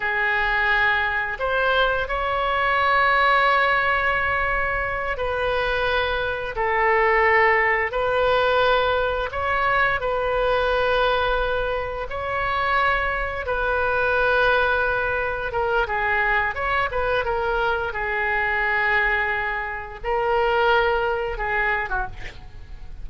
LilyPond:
\new Staff \with { instrumentName = "oboe" } { \time 4/4 \tempo 4 = 87 gis'2 c''4 cis''4~ | cis''2.~ cis''8 b'8~ | b'4. a'2 b'8~ | b'4. cis''4 b'4.~ |
b'4. cis''2 b'8~ | b'2~ b'8 ais'8 gis'4 | cis''8 b'8 ais'4 gis'2~ | gis'4 ais'2 gis'8. fis'16 | }